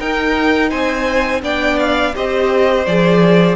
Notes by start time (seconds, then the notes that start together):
0.00 D#4 A#4 G5
0.70 C4 C5 G#5
1.43 B3 D4 D5 G5
1.79 F5
2.14 C4 G4 C5 D#5
2.86 F3 G#4 D5